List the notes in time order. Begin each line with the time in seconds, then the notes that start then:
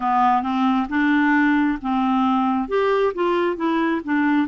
0.00 B3
0.42 C4
0.89 D4
1.82 C4
2.68 G4
3.14 F4
3.56 E4
4.04 D4